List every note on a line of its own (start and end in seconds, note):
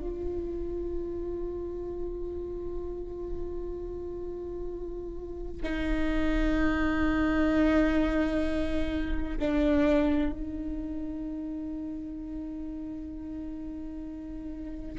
0.00 5.62 F4
5.64 9.39 D#4
9.39 10.33 D4
10.33 14.99 D#4